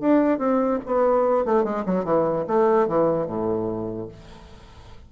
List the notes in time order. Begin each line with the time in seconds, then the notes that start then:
0.00 D4
0.38 C4
0.86 B3
1.45 A3
1.64 G#3
1.85 F#3
2.04 E3
2.47 A3
2.87 E3
3.27 A2